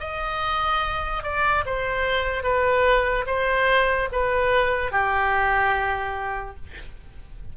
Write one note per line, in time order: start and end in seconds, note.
0.00 1.23 D#5
1.23 1.64 D5
1.66 2.43 C5
2.43 3.25 B4
3.27 4.09 C5
4.12 4.92 B4
4.92 6.56 G4